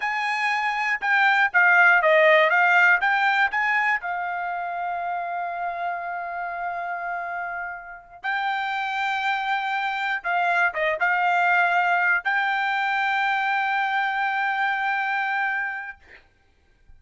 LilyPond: \new Staff \with { instrumentName = "trumpet" } { \time 4/4 \tempo 4 = 120 gis''2 g''4 f''4 | dis''4 f''4 g''4 gis''4 | f''1~ | f''1~ |
f''8 g''2.~ g''8~ | g''8 f''4 dis''8 f''2~ | f''8 g''2.~ g''8~ | g''1 | }